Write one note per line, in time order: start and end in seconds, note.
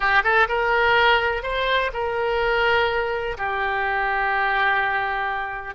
0.00 0.23 G4
0.23 0.47 A4
0.48 1.43 A#4
1.43 1.91 C5
1.93 3.37 A#4
3.37 5.74 G4